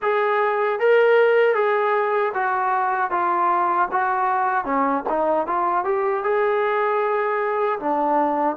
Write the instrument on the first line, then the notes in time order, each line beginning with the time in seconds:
trombone
0.02 G#4
0.79 A#4
1.54 G#4
2.34 F#4
3.10 F4
3.91 F#4
4.64 C#4
5.09 D#4
5.46 F4
5.84 G4
6.23 G#4
7.79 D4